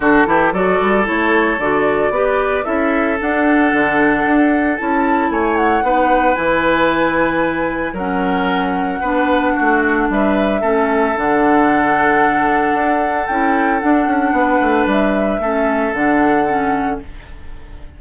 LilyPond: <<
  \new Staff \with { instrumentName = "flute" } { \time 4/4 \tempo 4 = 113 a'4 d''4 cis''4 d''4~ | d''4 e''4 fis''2~ | fis''4 a''4 gis''8 fis''4. | gis''2. fis''4~ |
fis''2. e''4~ | e''4 fis''2.~ | fis''4 g''4 fis''2 | e''2 fis''2 | }
  \new Staff \with { instrumentName = "oboe" } { \time 4/4 fis'8 g'8 a'2. | b'4 a'2.~ | a'2 cis''4 b'4~ | b'2. ais'4~ |
ais'4 b'4 fis'4 b'4 | a'1~ | a'2. b'4~ | b'4 a'2. | }
  \new Staff \with { instrumentName = "clarinet" } { \time 4/4 d'8 e'8 fis'4 e'4 fis'4 | g'4 e'4 d'2~ | d'4 e'2 dis'4 | e'2. cis'4~ |
cis'4 d'2. | cis'4 d'2.~ | d'4 e'4 d'2~ | d'4 cis'4 d'4 cis'4 | }
  \new Staff \with { instrumentName = "bassoon" } { \time 4/4 d8 e8 fis8 g8 a4 d4 | b4 cis'4 d'4 d4 | d'4 cis'4 a4 b4 | e2. fis4~ |
fis4 b4 a4 g4 | a4 d2. | d'4 cis'4 d'8 cis'8 b8 a8 | g4 a4 d2 | }
>>